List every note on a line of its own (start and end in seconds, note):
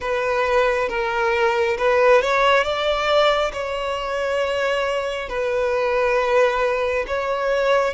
0.00 0.88 B4
0.88 1.76 A#4
1.77 2.21 B4
2.21 2.63 C#5
2.63 3.51 D5
3.53 5.29 C#5
5.29 7.05 B4
7.07 7.94 C#5